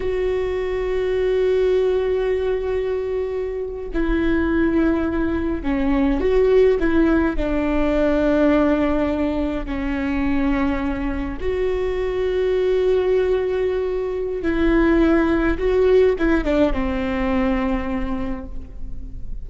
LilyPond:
\new Staff \with { instrumentName = "viola" } { \time 4/4 \tempo 4 = 104 fis'1~ | fis'2~ fis'8. e'4~ e'16~ | e'4.~ e'16 cis'4 fis'4 e'16~ | e'8. d'2.~ d'16~ |
d'8. cis'2. fis'16~ | fis'1~ | fis'4 e'2 fis'4 | e'8 d'8 c'2. | }